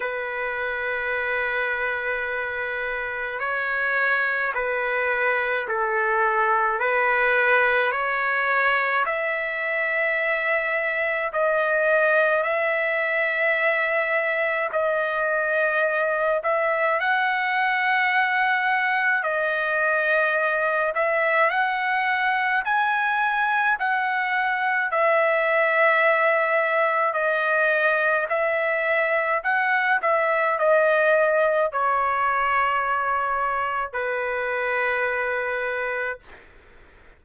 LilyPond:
\new Staff \with { instrumentName = "trumpet" } { \time 4/4 \tempo 4 = 53 b'2. cis''4 | b'4 a'4 b'4 cis''4 | e''2 dis''4 e''4~ | e''4 dis''4. e''8 fis''4~ |
fis''4 dis''4. e''8 fis''4 | gis''4 fis''4 e''2 | dis''4 e''4 fis''8 e''8 dis''4 | cis''2 b'2 | }